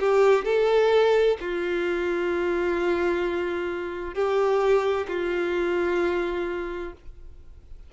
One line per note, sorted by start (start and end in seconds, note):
0.00 0.45 G4
0.45 1.37 A4
1.41 4.15 F4
4.15 5.07 G4
5.08 6.93 F4